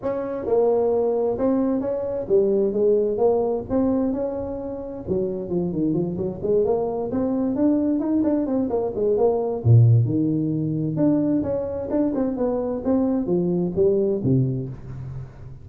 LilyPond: \new Staff \with { instrumentName = "tuba" } { \time 4/4 \tempo 4 = 131 cis'4 ais2 c'4 | cis'4 g4 gis4 ais4 | c'4 cis'2 fis4 | f8 dis8 f8 fis8 gis8 ais4 c'8~ |
c'8 d'4 dis'8 d'8 c'8 ais8 gis8 | ais4 ais,4 dis2 | d'4 cis'4 d'8 c'8 b4 | c'4 f4 g4 c4 | }